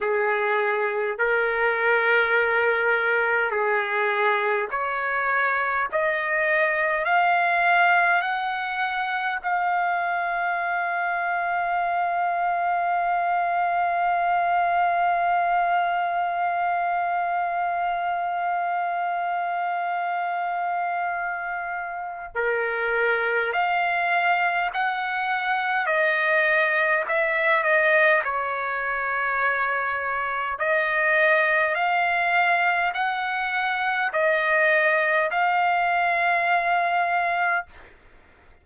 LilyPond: \new Staff \with { instrumentName = "trumpet" } { \time 4/4 \tempo 4 = 51 gis'4 ais'2 gis'4 | cis''4 dis''4 f''4 fis''4 | f''1~ | f''1~ |
f''2. ais'4 | f''4 fis''4 dis''4 e''8 dis''8 | cis''2 dis''4 f''4 | fis''4 dis''4 f''2 | }